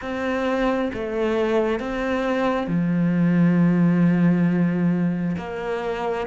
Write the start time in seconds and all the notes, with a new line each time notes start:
0.01 C4
0.93 A3
1.79 C4
2.67 F3
5.37 A#3